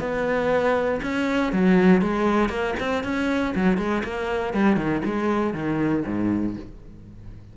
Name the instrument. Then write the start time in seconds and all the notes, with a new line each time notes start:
cello
0.00 B3
1.03 C#4
1.53 F#3
2.02 G#3
2.50 A#3
2.80 C4
3.04 C#4
3.56 F#3
3.78 G#3
4.04 A#3
4.54 G3
4.77 D#3
5.05 G#3
5.54 D#3
6.06 G#2